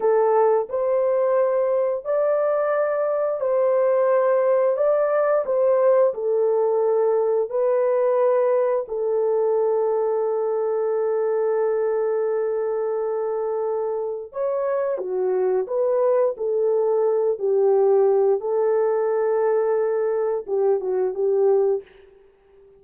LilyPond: \new Staff \with { instrumentName = "horn" } { \time 4/4 \tempo 4 = 88 a'4 c''2 d''4~ | d''4 c''2 d''4 | c''4 a'2 b'4~ | b'4 a'2.~ |
a'1~ | a'4 cis''4 fis'4 b'4 | a'4. g'4. a'4~ | a'2 g'8 fis'8 g'4 | }